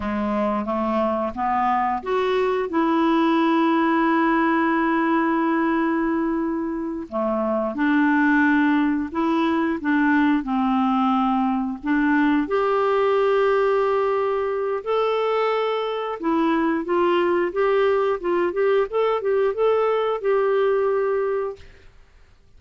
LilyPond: \new Staff \with { instrumentName = "clarinet" } { \time 4/4 \tempo 4 = 89 gis4 a4 b4 fis'4 | e'1~ | e'2~ e'8 a4 d'8~ | d'4. e'4 d'4 c'8~ |
c'4. d'4 g'4.~ | g'2 a'2 | e'4 f'4 g'4 f'8 g'8 | a'8 g'8 a'4 g'2 | }